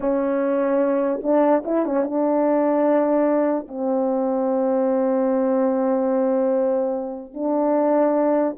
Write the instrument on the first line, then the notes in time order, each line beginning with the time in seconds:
horn
0.00 C#4
1.22 D4
1.65 E4
1.85 C#4
2.04 D4
3.68 C4
7.33 D4